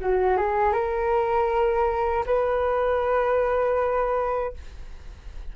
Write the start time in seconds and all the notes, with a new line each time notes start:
0.00 F#4
0.37 G#4
0.72 A#4
2.26 B4